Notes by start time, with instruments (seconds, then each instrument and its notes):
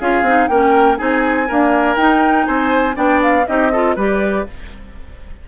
0.00 bassoon C#4, clarinet F4, oboe G#4, flute F5
0.22 bassoon C4, clarinet D#4
0.47 bassoon A#3, clarinet C#4, oboe A#4, flute G5
0.97 bassoon C4, clarinet D#4, oboe G#4, flute G#5
1.48 clarinet A#3, bassoon D4, oboe A#4
1.96 bassoon D#4, clarinet D#4, flute G5
2.45 bassoon C4, oboe C5, flute G#5
2.94 bassoon B3, clarinet D4, oboe D5, flute G5
3.22 flute F5
3.47 bassoon C4, clarinet D#4, oboe G4, flute D#5
3.72 clarinet F4, oboe A4
3.95 bassoon G3, clarinet G4, oboe B4, flute D5